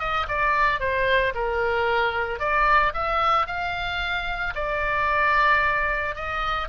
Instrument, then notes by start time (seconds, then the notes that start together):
oboe
0.00 D#5
0.28 D5
0.80 C5
1.35 A#4
2.40 D5
2.94 E5
3.47 F5
4.56 D5
6.16 D#5